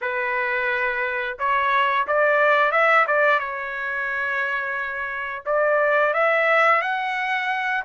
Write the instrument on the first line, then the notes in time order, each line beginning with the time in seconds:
trumpet
0.01 B4
1.38 C#5
2.07 D5
2.71 E5
3.07 D5
3.39 C#5
5.45 D5
6.13 E5
6.82 F#5